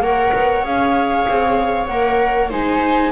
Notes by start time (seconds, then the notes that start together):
0.00 A#3 A#4 C#5 F#5
0.33 B3
0.63 C#4 G#4 F5
1.28 C4
1.86 A#3 A#4 F#5
2.50 G#3 D#4 C5 G#5